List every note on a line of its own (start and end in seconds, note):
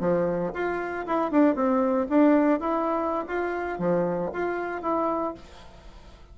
0.00 0.52 F3
0.54 1.06 F4
1.06 1.31 E4
1.31 1.55 D4
1.55 2.07 C4
2.09 2.60 D4
2.60 3.25 E4
3.28 3.79 F4
3.79 4.31 F3
4.33 4.82 F4
4.82 5.34 E4